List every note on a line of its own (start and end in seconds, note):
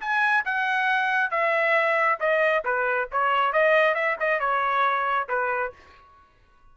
0.00 0.44 G#5
0.45 1.31 F#5
1.31 2.19 E5
2.20 2.64 D#5
2.64 3.08 B4
3.11 3.53 C#5
3.53 3.94 D#5
3.94 4.16 E5
4.20 4.40 D#5
4.40 5.28 C#5
5.28 5.72 B4